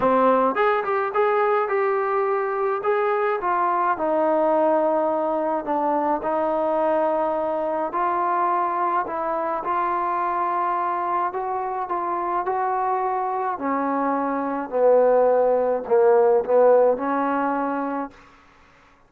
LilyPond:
\new Staff \with { instrumentName = "trombone" } { \time 4/4 \tempo 4 = 106 c'4 gis'8 g'8 gis'4 g'4~ | g'4 gis'4 f'4 dis'4~ | dis'2 d'4 dis'4~ | dis'2 f'2 |
e'4 f'2. | fis'4 f'4 fis'2 | cis'2 b2 | ais4 b4 cis'2 | }